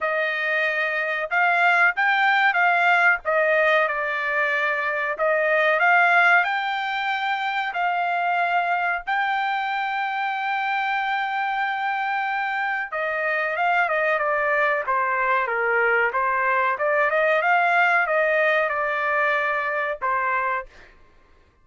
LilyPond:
\new Staff \with { instrumentName = "trumpet" } { \time 4/4 \tempo 4 = 93 dis''2 f''4 g''4 | f''4 dis''4 d''2 | dis''4 f''4 g''2 | f''2 g''2~ |
g''1 | dis''4 f''8 dis''8 d''4 c''4 | ais'4 c''4 d''8 dis''8 f''4 | dis''4 d''2 c''4 | }